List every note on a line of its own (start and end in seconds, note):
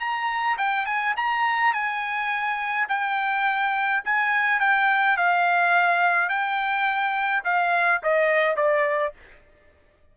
0.00 0.57 A#5
0.58 0.86 G5
0.86 1.15 G#5
1.17 1.74 A#5
1.74 2.88 G#5
2.89 4.03 G5
4.05 4.60 G#5
4.60 5.17 G5
5.17 6.29 F5
6.29 7.43 G5
7.44 8.02 F5
8.03 8.57 D#5
8.57 9.14 D5